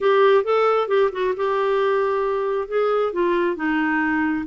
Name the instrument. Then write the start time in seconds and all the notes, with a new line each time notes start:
clarinet
0.00 G4
0.44 A4
0.88 G4
1.12 F#4
1.36 G4
2.68 G#4
3.13 F4
3.56 D#4